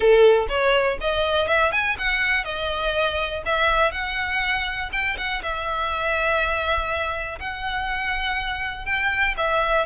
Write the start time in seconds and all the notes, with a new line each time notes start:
0.00 A4
0.49 C#5
1.01 D#5
1.47 E5
1.71 G#5
1.98 F#5
2.44 D#5
3.45 E5
3.91 F#5
4.92 G5
5.17 F#5
5.42 E5
7.39 F#5
8.85 G5
9.37 E5